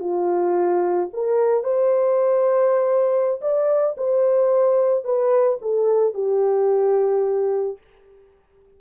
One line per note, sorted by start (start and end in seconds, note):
0.00 1.09 F4
1.13 1.63 A#4
1.63 3.41 C5
3.41 3.96 D5
3.97 5.04 C5
5.04 5.59 B4
5.62 6.14 A4
6.14 7.78 G4